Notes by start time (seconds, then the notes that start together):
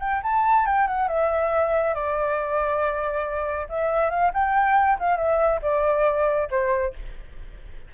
0.00 G5
0.23 A5
0.66 G5
0.87 F#5
1.08 E5
1.94 D5
3.69 E5
4.10 F5
4.33 G5
4.99 F5
5.17 E5
5.62 D5
6.51 C5